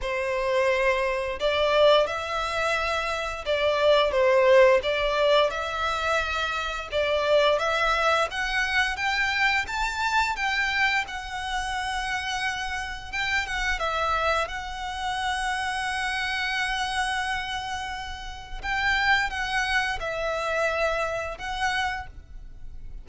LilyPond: \new Staff \with { instrumentName = "violin" } { \time 4/4 \tempo 4 = 87 c''2 d''4 e''4~ | e''4 d''4 c''4 d''4 | e''2 d''4 e''4 | fis''4 g''4 a''4 g''4 |
fis''2. g''8 fis''8 | e''4 fis''2.~ | fis''2. g''4 | fis''4 e''2 fis''4 | }